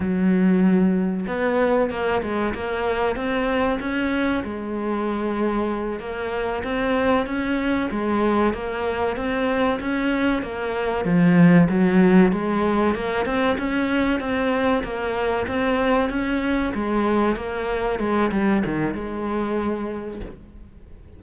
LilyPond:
\new Staff \with { instrumentName = "cello" } { \time 4/4 \tempo 4 = 95 fis2 b4 ais8 gis8 | ais4 c'4 cis'4 gis4~ | gis4. ais4 c'4 cis'8~ | cis'8 gis4 ais4 c'4 cis'8~ |
cis'8 ais4 f4 fis4 gis8~ | gis8 ais8 c'8 cis'4 c'4 ais8~ | ais8 c'4 cis'4 gis4 ais8~ | ais8 gis8 g8 dis8 gis2 | }